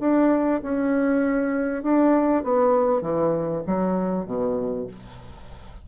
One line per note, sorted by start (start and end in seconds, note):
0.00 0.61 D4
0.63 1.83 C#4
1.83 2.44 D4
2.44 3.02 B3
3.02 3.63 E3
3.67 4.26 F#3
4.26 4.87 B2